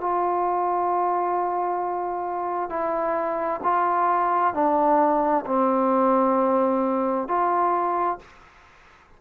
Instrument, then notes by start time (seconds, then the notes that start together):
trombone
0.00 F4
2.69 E4
3.63 F4
4.54 D4
5.46 C4
7.28 F4